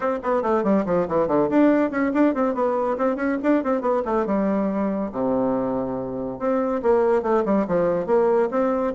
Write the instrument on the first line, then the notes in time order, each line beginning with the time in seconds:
bassoon
0.00 C4
0.22 B3
0.42 A3
0.63 G3
0.85 F3
1.08 E3
1.27 D3
1.49 D4
1.90 C#4
2.13 D4
2.34 C4
2.54 B3
2.97 C4
3.16 C#4
3.42 D4
3.63 C4
3.81 B3
4.05 A3
4.26 G3
5.12 C3
6.39 C4
6.82 A#3
7.22 A3
7.45 G3
7.67 F3
8.06 A#3
8.50 C4